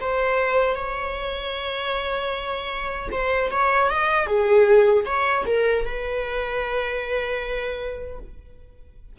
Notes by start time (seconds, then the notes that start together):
0.00 C5
0.75 C#5
3.11 C5
3.51 C#5
3.90 D#5
4.26 G#4
5.06 C#5
5.46 A#4
5.85 B4